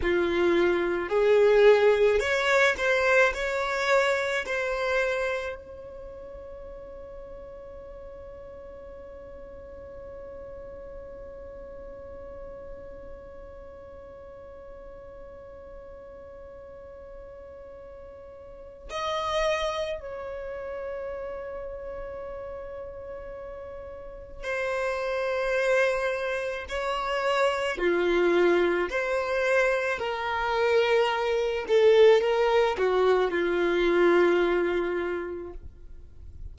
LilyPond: \new Staff \with { instrumentName = "violin" } { \time 4/4 \tempo 4 = 54 f'4 gis'4 cis''8 c''8 cis''4 | c''4 cis''2.~ | cis''1~ | cis''1~ |
cis''4 dis''4 cis''2~ | cis''2 c''2 | cis''4 f'4 c''4 ais'4~ | ais'8 a'8 ais'8 fis'8 f'2 | }